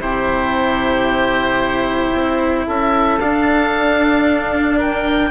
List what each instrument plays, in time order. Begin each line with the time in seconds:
0.00 bassoon C3, cello E4, oboe G4 C5
2.13 bassoon C4
2.67 bassoon C#4, oboe A4 E5
3.19 bassoon D4, cello D4, oboe F5
4.77 oboe A#4 G5